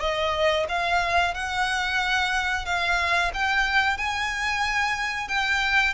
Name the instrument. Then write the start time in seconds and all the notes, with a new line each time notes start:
violin
0.00 D#5
0.68 F5
1.34 F#5
2.65 F5
3.34 G5
3.97 G#5
5.28 G5